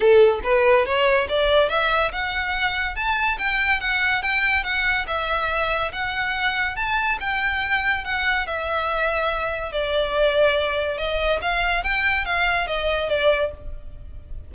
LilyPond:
\new Staff \with { instrumentName = "violin" } { \time 4/4 \tempo 4 = 142 a'4 b'4 cis''4 d''4 | e''4 fis''2 a''4 | g''4 fis''4 g''4 fis''4 | e''2 fis''2 |
a''4 g''2 fis''4 | e''2. d''4~ | d''2 dis''4 f''4 | g''4 f''4 dis''4 d''4 | }